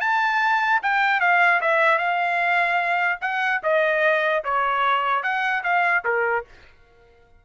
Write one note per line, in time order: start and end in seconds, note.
0.00 0.81 A5
0.82 1.20 G5
1.20 1.61 F5
1.61 1.98 E5
1.98 3.19 F5
3.21 3.61 F#5
3.63 4.44 D#5
4.44 5.23 C#5
5.23 5.63 F#5
5.63 6.04 F5
6.05 6.45 A#4